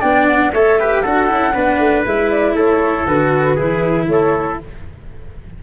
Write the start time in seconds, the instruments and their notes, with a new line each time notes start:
0.00 tuba B3, cello D4, trumpet D5, flute G5
0.27 flute F#5
0.52 tuba A3, cello A4, trumpet C#5, flute E5
0.79 cello G4, trumpet B4
1.01 tuba D4, cello F#4, trumpet A4, flute F#5
1.27 tuba C#4, cello E4
1.54 tuba B3, cello D4, trumpet B4
1.79 tuba A3
2.05 tuba G#3, cello E4, flute E5
2.30 flute D5
2.54 tuba A3, trumpet A4, flute C#5
3.07 tuba D3, cello F#4, flute B4
3.55 tuba E3, cello E4, trumpet G#4
4.08 tuba A3, trumpet A4, flute C#5